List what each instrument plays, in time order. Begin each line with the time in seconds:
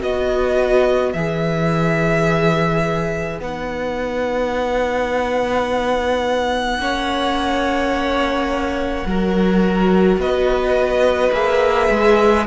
0.00 cello B3, viola F#4, violin B4 D#5
1.13 cello E3, viola G#4, violin E5
3.40 cello B3, viola D#4, violin F#5
6.79 cello A#3, viola C#4, violin C#5
9.06 cello F#3, viola F#4, violin A#4
10.17 cello B3, violin B4 D#5
11.33 cello A#3, viola G#4, violin E5
11.90 cello G#3